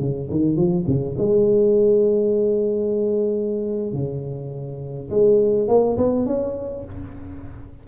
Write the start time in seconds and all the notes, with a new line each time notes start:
0.00 C#3
0.31 D#3
0.57 F3
0.87 C#3
1.18 G#3
3.93 C#3
5.10 G#3
5.68 A#3
5.97 B3
6.26 C#4